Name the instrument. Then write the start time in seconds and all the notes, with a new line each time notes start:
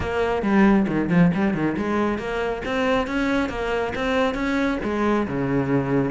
cello
0.00 A#3
0.42 G3
0.87 D#3
1.09 F3
1.34 G3
1.54 D#3
1.77 G#3
2.18 A#3
2.65 C4
3.07 C#4
3.49 A#3
3.95 C4
4.34 C#4
4.83 G#3
5.27 C#3